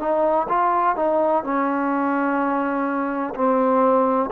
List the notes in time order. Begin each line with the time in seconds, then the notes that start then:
0.00 D#4
0.49 F4
0.96 D#4
1.44 C#4
3.35 C4